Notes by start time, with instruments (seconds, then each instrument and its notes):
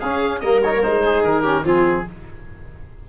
0.00 tuba C#4, trombone C#4, viola G#4, oboe F5
0.40 tuba G3, trombone A#3, viola A#4, oboe D#5
0.63 trombone D#4, oboe C#5
0.76 trombone A#3
0.83 tuba G#3, trombone D#4, oboe C5
1.03 viola G#4
1.24 tuba D#3, oboe A#4
1.44 trombone C#4, viola G4
1.64 tuba F3, trombone C4, viola F4, oboe G#4